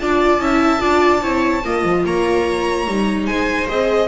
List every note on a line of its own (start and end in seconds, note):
0.00 0.38 D4
0.00 0.41 F4
0.00 0.42 D5
0.00 2.05 A5
0.38 0.80 C#4
0.38 0.81 E4
0.38 0.81 E5
0.81 1.23 D4
0.81 1.22 F4
0.81 1.23 D5
1.23 1.64 C4
1.23 1.64 E4
1.23 1.65 C#5
1.65 1.84 A#3
1.65 2.88 F4
1.65 2.06 D#5
1.84 2.05 F3
2.05 2.87 A#3
2.05 3.27 C#5
2.05 3.26 A#5
2.87 3.28 G3
2.87 3.69 D#4
3.26 3.69 G#3
3.26 4.08 C5
3.26 3.67 G#5
3.69 4.08 C4
3.69 4.08 G#4
3.69 4.08 D#5